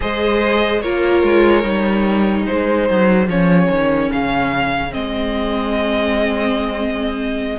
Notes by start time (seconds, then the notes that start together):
0.00 G#3 G#4 C5 D#5
0.81 A#3 F4 A#4 C#5
1.23 G#3
1.63 G3 D#4
2.46 G#3 G#4 C5
2.90 F#3
3.27 F3 C#4 C#5
3.69 D#3
4.12 C#3 F5
4.90 G#3 C4 D#5